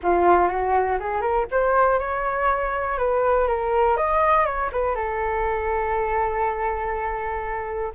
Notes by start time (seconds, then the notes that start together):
0.02 F4
0.48 F#4
0.99 G#4
1.21 A#4
1.51 C5
1.99 C#5
2.98 B4
3.47 A#4
3.96 D#5
4.45 C#5
4.72 B4
4.95 A4